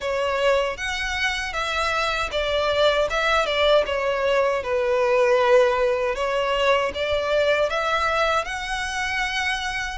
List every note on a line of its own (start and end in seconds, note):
0.00 0.77 C#5
0.77 1.53 F#5
1.53 2.30 E5
2.31 3.08 D5
3.10 3.45 E5
3.45 3.84 D5
3.86 4.63 C#5
4.63 6.15 B4
6.15 6.92 C#5
6.94 7.69 D5
7.69 8.44 E5
8.44 9.98 F#5